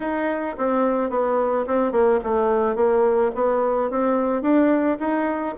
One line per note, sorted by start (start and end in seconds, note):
0.00 0.56 D#4
0.57 1.10 C4
1.10 1.65 B3
1.66 1.92 C4
1.92 2.19 A#3
2.23 2.75 A3
2.75 3.31 A#3
3.34 3.90 B3
3.90 4.42 C4
4.42 4.97 D4
4.99 5.55 D#4